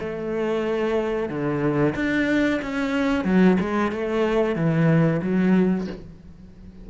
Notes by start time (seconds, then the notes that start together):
0.00 A3
1.30 D3
1.96 D4
2.63 C#4
3.25 F#3
3.61 G#3
3.92 A3
4.56 E3
5.23 F#3